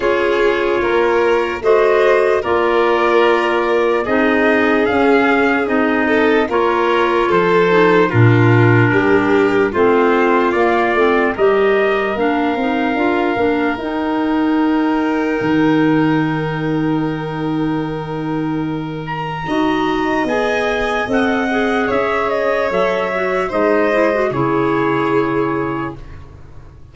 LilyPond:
<<
  \new Staff \with { instrumentName = "trumpet" } { \time 4/4 \tempo 4 = 74 cis''2 dis''4 d''4~ | d''4 dis''4 f''4 dis''4 | cis''4 c''4 ais'2 | c''4 d''4 dis''4 f''4~ |
f''4 g''2.~ | g''2.~ g''8 ais''8~ | ais''4 gis''4 fis''4 e''8 dis''8 | e''4 dis''4 cis''2 | }
  \new Staff \with { instrumentName = "violin" } { \time 4/4 gis'4 ais'4 c''4 ais'4~ | ais'4 gis'2~ gis'8 a'8 | ais'4 a'4 f'4 g'4 | f'2 ais'2~ |
ais'1~ | ais'1 | dis''2. cis''4~ | cis''4 c''4 gis'2 | }
  \new Staff \with { instrumentName = "clarinet" } { \time 4/4 f'2 fis'4 f'4~ | f'4 dis'4 cis'4 dis'4 | f'4. dis'8 d'2 | c'4 ais8 c'8 g'4 d'8 dis'8 |
f'8 d'8 dis'2.~ | dis'1 | fis'4 gis'4 a'8 gis'4. | a'8 fis'8 dis'8 e'16 fis'16 e'2 | }
  \new Staff \with { instrumentName = "tuba" } { \time 4/4 cis'4 ais4 a4 ais4~ | ais4 c'4 cis'4 c'4 | ais4 f4 ais,4 g4 | a4 ais8 a8 g4 ais8 c'8 |
d'8 ais8 dis'2 dis4~ | dis1 | dis'4 b4 c'4 cis'4 | fis4 gis4 cis2 | }
>>